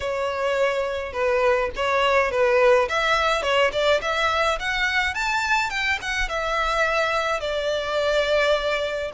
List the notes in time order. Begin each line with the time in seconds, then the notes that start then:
0.00 C#5
1.12 B4
1.76 C#5
2.31 B4
2.88 E5
3.42 C#5
3.72 D5
4.01 E5
4.59 F#5
5.14 A5
5.70 G5
6.01 F#5
6.28 E5
7.40 D5